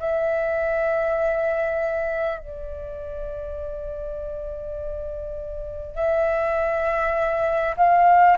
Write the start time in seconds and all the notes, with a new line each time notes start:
0.00 E5
2.39 D5
5.96 E5
7.77 F5